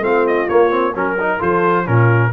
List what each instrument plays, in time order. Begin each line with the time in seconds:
0.00 tuba A3, trombone C4, horn F4, trumpet F5
0.27 trumpet D#5
0.48 tuba A#3, trombone A#3, trumpet C#5
0.70 trombone C4
0.93 tuba F#3, trombone C#4, horn A#4, trumpet A#4
1.19 trombone D#4
1.38 tuba F3, trombone F4, horn A4, trumpet C5
1.83 tuba A#2, trombone C#4, horn F4, trumpet A#4